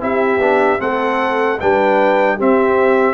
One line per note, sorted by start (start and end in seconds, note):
0.00 0.38 C4
0.00 0.39 E4
0.00 0.80 G4
0.00 0.80 E5
0.38 0.78 B3
0.38 0.78 D4
0.78 1.59 A3
0.78 1.57 C4
0.78 1.59 A4
0.78 1.59 F#5
1.60 2.40 G3
1.60 2.38 D4
1.60 2.35 B4
1.60 2.39 G5
2.35 3.13 C4
2.35 3.13 G4
2.35 3.13 E5